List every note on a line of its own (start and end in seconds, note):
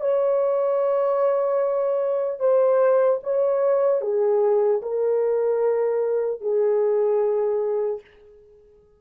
0.00 2.39 C#5
2.39 3.19 C5
3.23 4.01 C#5
4.01 4.81 G#4
4.81 6.40 A#4
6.40 8.00 G#4